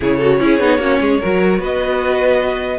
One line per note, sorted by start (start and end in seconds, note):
0.00 0.40 C#3
0.00 0.21 E4
0.00 0.17 G#4
0.00 1.62 C#5
0.17 0.40 F#4
0.17 0.37 A4
0.40 0.59 C#4
0.40 0.60 E4
0.40 0.80 G#4
0.59 0.78 B3
0.59 0.80 D#4
0.78 0.98 A#3
0.78 1.20 C#4
0.78 1.00 F#4
1.00 1.20 G#3
1.00 1.20 G#4
1.20 1.59 F#3
1.20 2.78 F#4
1.20 1.59 A#4
1.59 2.78 B3
1.59 2.78 B4
1.59 2.78 D#5